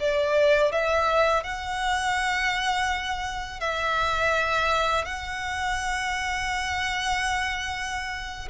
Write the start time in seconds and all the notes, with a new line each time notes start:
0.00 D5
0.72 E5
1.44 F#5
3.60 E5
5.05 F#5